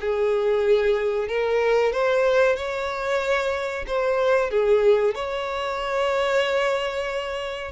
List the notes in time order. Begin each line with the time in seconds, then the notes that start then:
0.00 G#4
1.28 A#4
1.92 C5
2.56 C#5
3.87 C5
4.50 G#4
5.14 C#5